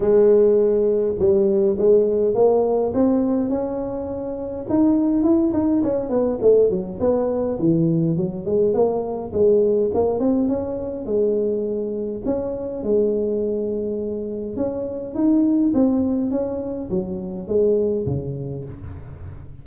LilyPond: \new Staff \with { instrumentName = "tuba" } { \time 4/4 \tempo 4 = 103 gis2 g4 gis4 | ais4 c'4 cis'2 | dis'4 e'8 dis'8 cis'8 b8 a8 fis8 | b4 e4 fis8 gis8 ais4 |
gis4 ais8 c'8 cis'4 gis4~ | gis4 cis'4 gis2~ | gis4 cis'4 dis'4 c'4 | cis'4 fis4 gis4 cis4 | }